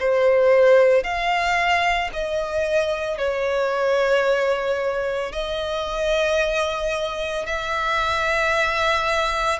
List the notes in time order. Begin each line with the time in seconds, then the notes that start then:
0.00 C5
1.03 F5
2.13 D#5
3.18 C#5
5.32 D#5
7.47 E5